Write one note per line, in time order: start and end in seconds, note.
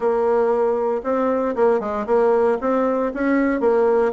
0.00 1.01 A#3
1.03 1.55 C4
1.55 1.80 A#3
1.80 2.05 G#3
2.06 2.58 A#3
2.60 3.12 C4
3.13 3.60 C#4
3.60 4.12 A#3